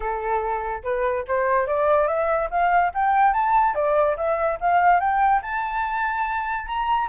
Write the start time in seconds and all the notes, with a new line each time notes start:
0.00 A4
0.83 B4
1.27 C5
1.66 D5
2.07 E5
2.50 F5
2.94 G5
3.33 A5
3.74 D5
4.16 E5
4.60 F5
5.00 G5
5.42 A5
6.66 A#5